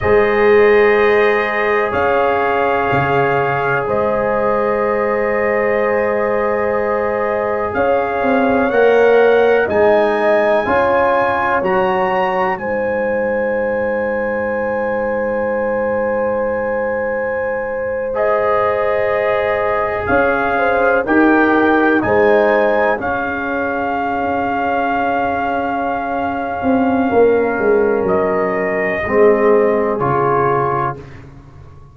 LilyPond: <<
  \new Staff \with { instrumentName = "trumpet" } { \time 4/4 \tempo 4 = 62 dis''2 f''2 | dis''1 | f''4 fis''4 gis''2 | ais''4 gis''2.~ |
gis''2~ gis''8. dis''4~ dis''16~ | dis''8. f''4 g''4 gis''4 f''16~ | f''1~ | f''4 dis''2 cis''4 | }
  \new Staff \with { instrumentName = "horn" } { \time 4/4 c''2 cis''2 | c''1 | cis''2 dis''4 cis''4~ | cis''4 c''2.~ |
c''1~ | c''8. cis''8 c''8 ais'4 c''4 gis'16~ | gis'1 | ais'2 gis'2 | }
  \new Staff \with { instrumentName = "trombone" } { \time 4/4 gis'1~ | gis'1~ | gis'4 ais'4 dis'4 f'4 | fis'4 dis'2.~ |
dis'2~ dis'8. gis'4~ gis'16~ | gis'4.~ gis'16 g'4 dis'4 cis'16~ | cis'1~ | cis'2 c'4 f'4 | }
  \new Staff \with { instrumentName = "tuba" } { \time 4/4 gis2 cis'4 cis4 | gis1 | cis'8 c'8 ais4 gis4 cis'4 | fis4 gis2.~ |
gis1~ | gis8. cis'4 dis'4 gis4 cis'16~ | cis'2.~ cis'8 c'8 | ais8 gis8 fis4 gis4 cis4 | }
>>